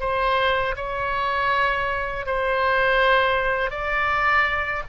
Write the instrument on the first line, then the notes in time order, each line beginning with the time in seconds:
oboe
0.00 C5
0.76 C#5
2.26 C5
3.71 D5